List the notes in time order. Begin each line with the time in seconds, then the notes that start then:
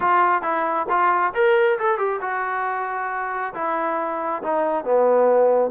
0.00 F4
0.42 E4
0.89 F4
1.34 A#4
1.78 A4
1.98 G4
2.21 F#4
3.54 E4
4.42 D#4
4.84 B3